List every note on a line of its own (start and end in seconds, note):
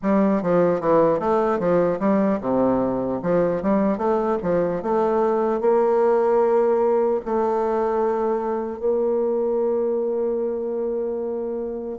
0.02 0.42 G3
0.42 0.80 F3
0.80 1.19 E3
1.19 1.59 A3
1.59 1.99 F3
1.99 2.39 G3
2.40 3.20 C3
3.22 3.62 F3
3.62 3.97 G3
3.97 4.37 A3
4.42 4.82 F3
4.82 5.60 A3
5.60 7.20 A#3
7.25 8.79 A3
8.79 11.98 A#3